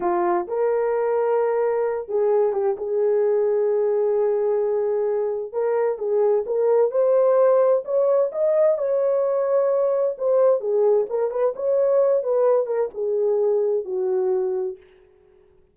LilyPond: \new Staff \with { instrumentName = "horn" } { \time 4/4 \tempo 4 = 130 f'4 ais'2.~ | ais'8 gis'4 g'8 gis'2~ | gis'1 | ais'4 gis'4 ais'4 c''4~ |
c''4 cis''4 dis''4 cis''4~ | cis''2 c''4 gis'4 | ais'8 b'8 cis''4. b'4 ais'8 | gis'2 fis'2 | }